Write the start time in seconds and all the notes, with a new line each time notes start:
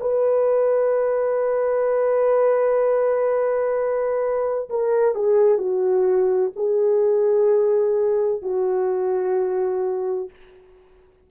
0.00 B4
4.69 A#4
5.14 G#4
5.57 F#4
6.56 G#4
8.42 F#4